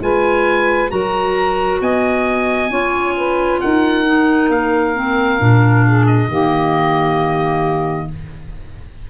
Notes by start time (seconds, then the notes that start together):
0.00 G#3 F4 B4 G#5
0.89 F#3 F#4 A#4 A#5
1.81 B3 D#5 G#5
2.70 C#4 F4 C#5
3.16 B4
3.60 D#4 A#4 F#5
4.05 D#4
4.49 A#3 F5
4.95 C4
5.39 A#2 D4
5.86 G#4
6.07 D#5
6.28 D#3 A#3 G4